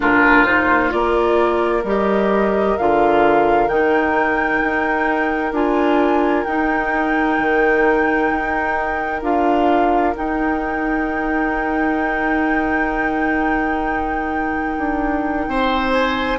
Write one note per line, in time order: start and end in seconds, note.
0.00 0.92 A#2
0.00 0.45 D4
0.00 0.93 F4
0.00 0.44 A#4
0.44 0.89 D#4
0.44 0.91 C5
0.89 1.83 A#3
0.89 1.82 F4
0.89 1.83 D5
0.96 15.49 A#4
1.83 2.75 G3
1.83 2.79 G4
1.83 2.77 D#5
2.77 3.68 D3
2.77 3.69 F4
2.77 3.68 F5
3.68 4.60 D#3
3.68 5.53 D#4
3.68 5.52 G5
4.62 5.52 D#4
5.52 6.44 D4
5.52 6.45 F4
5.52 6.44 G#5
6.44 7.38 D#4
6.44 9.22 D#4
6.44 9.21 G5
7.38 8.30 D#3
8.31 9.22 D#4
9.22 10.14 D4
9.22 10.14 F4
9.22 10.15 F5
10.15 16.38 D#4
10.15 14.77 D#4
10.15 15.92 G5
14.77 15.47 D4
15.47 16.38 C4
15.47 16.38 C5
15.92 16.38 G#5